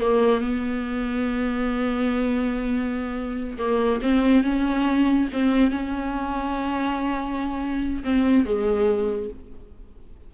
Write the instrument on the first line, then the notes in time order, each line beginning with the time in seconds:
viola
0.00 A#3
0.41 B3
3.58 A#3
4.02 C4
4.43 C#4
5.33 C4
5.70 C#4
8.03 C4
8.45 G#3